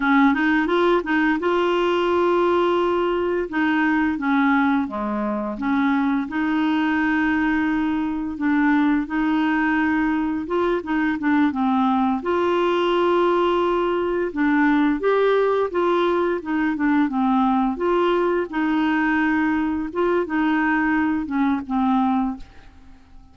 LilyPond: \new Staff \with { instrumentName = "clarinet" } { \time 4/4 \tempo 4 = 86 cis'8 dis'8 f'8 dis'8 f'2~ | f'4 dis'4 cis'4 gis4 | cis'4 dis'2. | d'4 dis'2 f'8 dis'8 |
d'8 c'4 f'2~ f'8~ | f'8 d'4 g'4 f'4 dis'8 | d'8 c'4 f'4 dis'4.~ | dis'8 f'8 dis'4. cis'8 c'4 | }